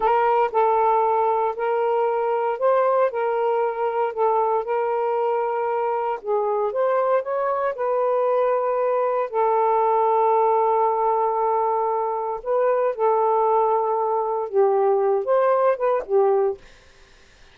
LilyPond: \new Staff \with { instrumentName = "saxophone" } { \time 4/4 \tempo 4 = 116 ais'4 a'2 ais'4~ | ais'4 c''4 ais'2 | a'4 ais'2. | gis'4 c''4 cis''4 b'4~ |
b'2 a'2~ | a'1 | b'4 a'2. | g'4. c''4 b'8 g'4 | }